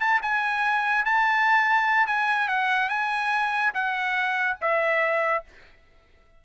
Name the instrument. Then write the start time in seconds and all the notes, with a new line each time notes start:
trumpet
0.00 A5
0.22 G#5
1.05 A5
2.07 G#5
2.49 F#5
2.90 G#5
3.74 F#5
4.61 E5